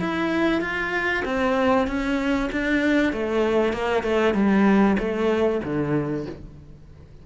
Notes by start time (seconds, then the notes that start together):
0.00 E4
0.62 F4
1.25 C4
1.88 C#4
2.53 D4
3.13 A3
3.73 A#3
4.03 A3
4.34 G3
4.99 A3
5.64 D3